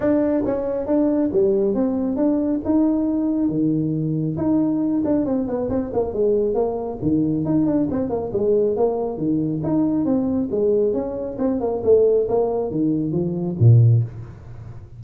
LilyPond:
\new Staff \with { instrumentName = "tuba" } { \time 4/4 \tempo 4 = 137 d'4 cis'4 d'4 g4 | c'4 d'4 dis'2 | dis2 dis'4. d'8 | c'8 b8 c'8 ais8 gis4 ais4 |
dis4 dis'8 d'8 c'8 ais8 gis4 | ais4 dis4 dis'4 c'4 | gis4 cis'4 c'8 ais8 a4 | ais4 dis4 f4 ais,4 | }